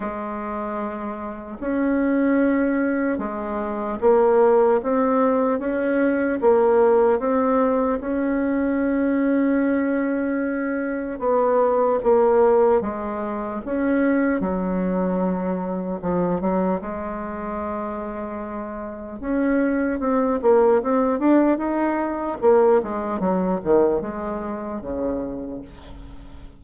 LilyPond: \new Staff \with { instrumentName = "bassoon" } { \time 4/4 \tempo 4 = 75 gis2 cis'2 | gis4 ais4 c'4 cis'4 | ais4 c'4 cis'2~ | cis'2 b4 ais4 |
gis4 cis'4 fis2 | f8 fis8 gis2. | cis'4 c'8 ais8 c'8 d'8 dis'4 | ais8 gis8 fis8 dis8 gis4 cis4 | }